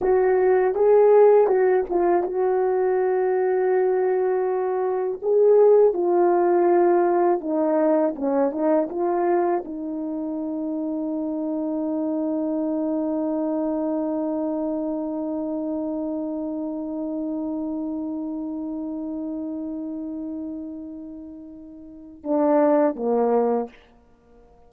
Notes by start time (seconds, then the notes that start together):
0.01 F#4
0.74 G#4
1.46 F#4
1.89 F4
2.23 F#4
5.22 G#4
5.93 F4
7.40 D#4
8.15 C#4
8.51 D#4
8.89 F4
9.64 D#4
22.23 D4
22.95 A#3